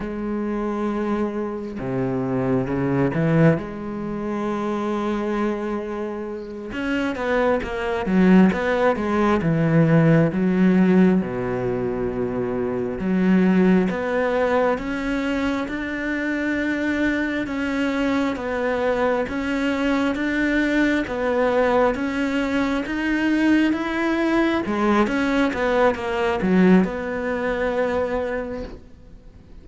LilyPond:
\new Staff \with { instrumentName = "cello" } { \time 4/4 \tempo 4 = 67 gis2 c4 cis8 e8 | gis2.~ gis8 cis'8 | b8 ais8 fis8 b8 gis8 e4 fis8~ | fis8 b,2 fis4 b8~ |
b8 cis'4 d'2 cis'8~ | cis'8 b4 cis'4 d'4 b8~ | b8 cis'4 dis'4 e'4 gis8 | cis'8 b8 ais8 fis8 b2 | }